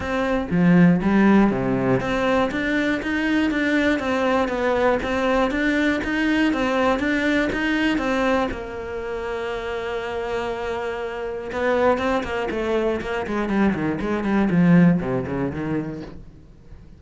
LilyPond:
\new Staff \with { instrumentName = "cello" } { \time 4/4 \tempo 4 = 120 c'4 f4 g4 c4 | c'4 d'4 dis'4 d'4 | c'4 b4 c'4 d'4 | dis'4 c'4 d'4 dis'4 |
c'4 ais2.~ | ais2. b4 | c'8 ais8 a4 ais8 gis8 g8 dis8 | gis8 g8 f4 c8 cis8 dis4 | }